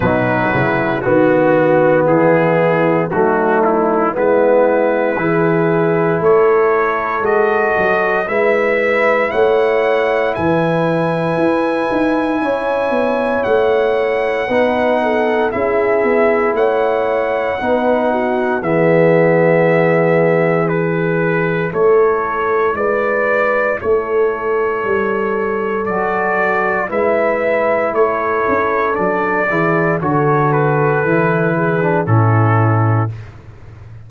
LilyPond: <<
  \new Staff \with { instrumentName = "trumpet" } { \time 4/4 \tempo 4 = 58 b'4 fis'4 gis'4 fis'8 e'8 | b'2 cis''4 dis''4 | e''4 fis''4 gis''2~ | gis''4 fis''2 e''4 |
fis''2 e''2 | b'4 cis''4 d''4 cis''4~ | cis''4 d''4 e''4 cis''4 | d''4 cis''8 b'4. a'4 | }
  \new Staff \with { instrumentName = "horn" } { \time 4/4 dis'8 e'8 fis'4 e'4 dis'4 | e'4 gis'4 a'2 | b'4 cis''4 b'2 | cis''2 b'8 a'8 gis'4 |
cis''4 b'8 fis'8 gis'2~ | gis'4 a'4 b'4 a'4~ | a'2 b'4 a'4~ | a'8 gis'8 a'4. gis'8 e'4 | }
  \new Staff \with { instrumentName = "trombone" } { \time 4/4 fis4 b2 a4 | b4 e'2 fis'4 | e'1~ | e'2 dis'4 e'4~ |
e'4 dis'4 b2 | e'1~ | e'4 fis'4 e'2 | d'8 e'8 fis'4 e'8. d'16 cis'4 | }
  \new Staff \with { instrumentName = "tuba" } { \time 4/4 b,8 cis8 dis4 e4 fis4 | gis4 e4 a4 gis8 fis8 | gis4 a4 e4 e'8 dis'8 | cis'8 b8 a4 b4 cis'8 b8 |
a4 b4 e2~ | e4 a4 gis4 a4 | g4 fis4 gis4 a8 cis'8 | fis8 e8 d4 e4 a,4 | }
>>